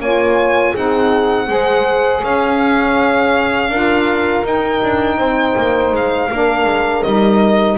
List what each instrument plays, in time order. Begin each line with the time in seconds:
0.00 double bass A#3, saxophone F4, horn C#5, violin G#5
0.72 double bass C4, saxophone D#4, horn G#4, violin F#5
1.47 double bass G#3, saxophone G#4, horn C5
2.23 double bass C#4, horn C#5, violin F5
3.69 double bass D4, saxophone F4, horn A#4
4.44 double bass D#4, saxophone D#4, violin G5
4.84 double bass D4
5.18 double bass C4, horn C5
5.57 double bass A#3
5.93 double bass G#3, violin F5
6.31 double bass A#3, saxophone D4, horn A#4
6.65 double bass G#3
7.03 double bass G3, saxophone D#4, violin D#5